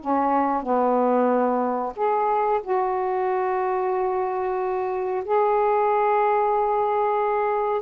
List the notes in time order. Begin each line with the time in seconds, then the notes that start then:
0.00 C#4
0.63 B3
1.96 G#4
2.63 F#4
5.24 G#4